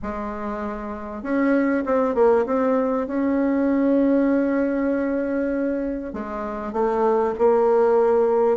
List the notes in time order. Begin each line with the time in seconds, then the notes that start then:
0.02 G#3
1.22 C#4
1.85 C4
2.14 A#3
2.45 C4
3.07 C#4
6.13 G#3
6.73 A3
7.38 A#3